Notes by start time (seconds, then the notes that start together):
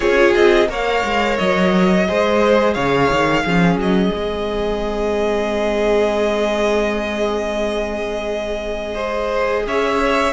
0.00 C#4 F4 G#4 C#5
0.34 C4 D#5
0.68 A#3 A#4 C#5 F5
1.04 G#3
1.37 F#3 D#5
2.07 G#3 G#4 C5
2.74 C#3 C#5 F5
3.11 D#3
3.45 F3 C#4 G#4
3.75 F#3 D#5
4.13 G#3 C4
8.94 G#4 C5
9.66 C#4 C#5 E5